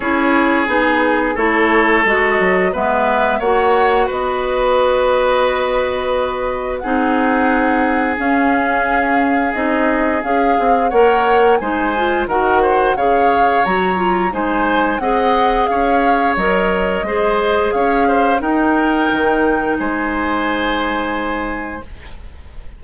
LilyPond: <<
  \new Staff \with { instrumentName = "flute" } { \time 4/4 \tempo 4 = 88 cis''4 gis'4 cis''4 dis''4 | e''4 fis''4 dis''2~ | dis''2 fis''2 | f''2 dis''4 f''4 |
fis''4 gis''4 fis''4 f''4 | ais''4 gis''4 fis''4 f''4 | dis''2 f''4 g''4~ | g''4 gis''2. | }
  \new Staff \with { instrumentName = "oboe" } { \time 4/4 gis'2 a'2 | b'4 cis''4 b'2~ | b'2 gis'2~ | gis'1 |
cis''4 c''4 ais'8 c''8 cis''4~ | cis''4 c''4 dis''4 cis''4~ | cis''4 c''4 cis''8 c''8 ais'4~ | ais'4 c''2. | }
  \new Staff \with { instrumentName = "clarinet" } { \time 4/4 e'4 dis'4 e'4 fis'4 | b4 fis'2.~ | fis'2 dis'2 | cis'2 dis'4 gis'4 |
ais'4 dis'8 f'8 fis'4 gis'4 | fis'8 f'8 dis'4 gis'2 | ais'4 gis'2 dis'4~ | dis'1 | }
  \new Staff \with { instrumentName = "bassoon" } { \time 4/4 cis'4 b4 a4 gis8 fis8 | gis4 ais4 b2~ | b2 c'2 | cis'2 c'4 cis'8 c'8 |
ais4 gis4 dis4 cis4 | fis4 gis4 c'4 cis'4 | fis4 gis4 cis'4 dis'4 | dis4 gis2. | }
>>